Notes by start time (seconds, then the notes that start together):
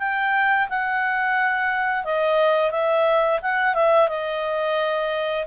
0.00 G5
0.70 F#5
2.05 D#5
2.71 E5
3.42 F#5
3.75 E5
4.09 D#5